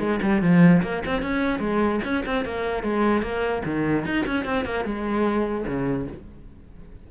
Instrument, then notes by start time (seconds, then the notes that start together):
cello
0.00 G#3
0.23 G3
0.42 F3
0.83 A#3
1.07 C4
1.23 C#4
1.60 G#3
2.05 C#4
2.26 C4
2.46 A#3
2.84 G#3
3.23 A#3
3.66 D#3
4.06 D#4
4.27 C#4
4.46 C4
4.66 A#3
4.85 G#3
5.67 C#3